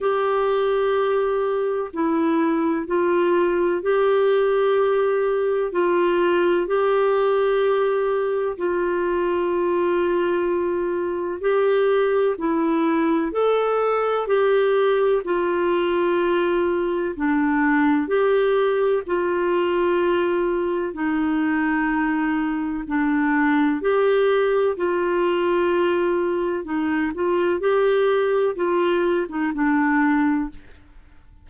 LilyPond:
\new Staff \with { instrumentName = "clarinet" } { \time 4/4 \tempo 4 = 63 g'2 e'4 f'4 | g'2 f'4 g'4~ | g'4 f'2. | g'4 e'4 a'4 g'4 |
f'2 d'4 g'4 | f'2 dis'2 | d'4 g'4 f'2 | dis'8 f'8 g'4 f'8. dis'16 d'4 | }